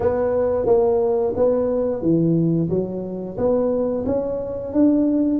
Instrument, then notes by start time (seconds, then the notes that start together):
tuba
0.00 B3
0.66 A#3
1.35 B3
2.01 E3
2.69 F#3
3.37 B3
4.06 C#4
4.73 D4